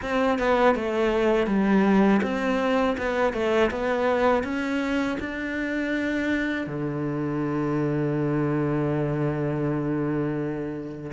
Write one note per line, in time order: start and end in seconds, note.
0.02 0.38 C4
0.38 0.75 B3
0.75 1.46 A3
1.46 2.21 G3
2.22 2.96 C4
2.97 3.33 B3
3.33 3.70 A3
3.70 4.43 B3
4.43 5.17 C#4
5.19 6.66 D4
6.66 11.11 D3